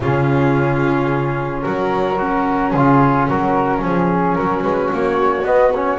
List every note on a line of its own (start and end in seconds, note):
0.00 1.63 C#3
0.00 2.17 C#4
0.00 1.64 F4
0.00 1.62 G#4
1.62 2.73 F#3
1.62 2.19 F#4
1.62 2.70 A#4
2.17 4.35 C#4
2.17 2.71 F#4
2.70 3.28 C#3
2.70 3.29 F4
2.70 3.25 G#4
3.28 3.81 F#3
3.28 3.78 F#4
3.28 3.83 A#4
3.78 4.36 F3
3.78 5.42 C#4
3.86 4.34 G#4
4.34 4.62 F#3
4.34 5.98 F#4
4.34 4.62 A#4
4.62 4.89 G#3
4.62 4.90 B4
4.92 5.43 A#3
4.92 5.44 C#5
5.43 5.97 B3
5.43 5.72 B3
5.43 5.72 D#5
5.75 5.98 C#4
5.75 5.98 C#5